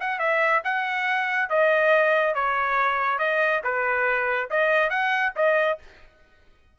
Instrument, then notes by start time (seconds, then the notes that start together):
trumpet
0.00 F#5
0.19 E5
0.64 F#5
1.49 D#5
2.35 C#5
3.19 D#5
3.64 B4
4.50 D#5
4.90 F#5
5.36 D#5